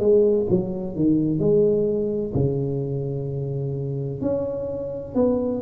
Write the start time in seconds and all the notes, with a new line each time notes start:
0.00 G#3
0.51 F#3
0.96 D#3
1.40 G#3
2.34 C#3
4.21 C#4
5.16 B3